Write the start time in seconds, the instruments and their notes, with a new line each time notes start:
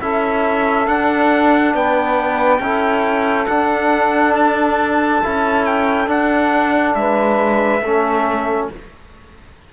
0.00 cello C#4, trombone E4, saxophone A4, trumpet E5
0.86 trombone D4, cello D4, trumpet F#5
1.74 cello B3, saxophone B4, trumpet G5
2.59 cello C#4, trombone E4, saxophone A4
3.46 trombone D4, cello D4, trumpet F#5
4.35 trumpet A5
5.23 cello C#4, trombone E4
5.65 trumpet G5
6.07 trombone D4, cello D4, trumpet F#5
6.94 cello G#3, saxophone B4, trumpet E5
7.81 cello A3, trombone C#4, saxophone A4